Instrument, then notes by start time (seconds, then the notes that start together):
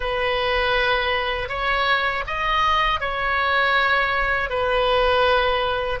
oboe
0.00 B4
1.49 C#5
2.27 D#5
3.00 C#5
4.49 B4